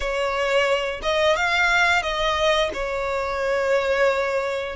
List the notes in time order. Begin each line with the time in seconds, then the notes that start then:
0.00 C#5
1.02 D#5
1.36 F5
2.02 D#5
2.73 C#5